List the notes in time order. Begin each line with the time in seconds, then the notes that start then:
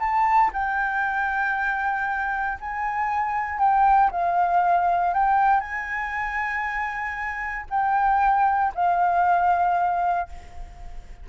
0.00 A5
0.53 G5
2.61 G#5
3.59 G5
4.11 F5
5.14 G5
5.61 G#5
7.70 G5
8.75 F5